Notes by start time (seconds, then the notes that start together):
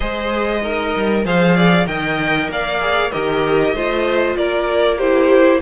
0.00 G#3 G#4 C5 D#5
0.61 D#4 A#4
0.96 G3
1.24 F3 G#4 C5 F5
1.55 D5
1.85 D#3 A#4 D#5 G5
2.48 A#3 D5 F5
2.80 G#4
3.11 D#3 G4 A#4 D#5
3.73 A3 F4 C5
4.36 A#3 A#4 D5
4.97 E4 G4 C5